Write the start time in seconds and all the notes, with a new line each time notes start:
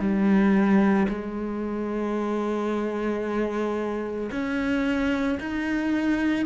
0.00 G3
1.09 G#3
4.32 C#4
5.40 D#4